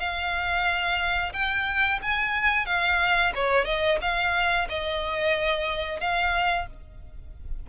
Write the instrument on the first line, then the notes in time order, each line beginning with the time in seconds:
violin
0.00 F5
1.33 G5
2.02 G#5
2.66 F5
3.35 C#5
3.65 D#5
4.02 F5
4.69 D#5
6.01 F5